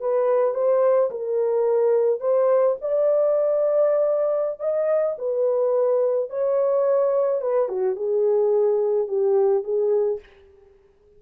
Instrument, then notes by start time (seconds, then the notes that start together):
horn
0.00 B4
0.54 C5
1.10 A#4
2.20 C5
2.81 D5
4.60 D#5
5.18 B4
6.30 C#5
7.41 B4
7.68 F#4
7.95 G#4
9.08 G4
9.63 G#4